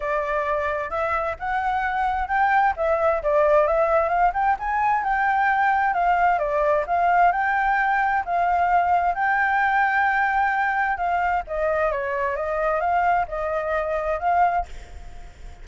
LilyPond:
\new Staff \with { instrumentName = "flute" } { \time 4/4 \tempo 4 = 131 d''2 e''4 fis''4~ | fis''4 g''4 e''4 d''4 | e''4 f''8 g''8 gis''4 g''4~ | g''4 f''4 d''4 f''4 |
g''2 f''2 | g''1 | f''4 dis''4 cis''4 dis''4 | f''4 dis''2 f''4 | }